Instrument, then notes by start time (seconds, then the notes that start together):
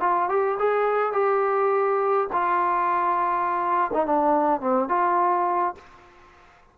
trombone
0.00 F4
0.29 G4
0.59 G#4
1.12 G4
2.32 F4
3.93 D#4
4.06 D4
4.60 C4
4.89 F4